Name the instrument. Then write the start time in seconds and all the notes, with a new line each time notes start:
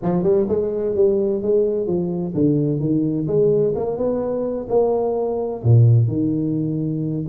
tuba
0.02 F3
0.23 G3
0.48 G#3
0.95 G3
1.41 G#3
1.86 F3
2.34 D3
2.80 D#3
3.27 G#3
3.75 A#3
3.97 B3
4.69 A#3
5.63 A#2
6.07 D#3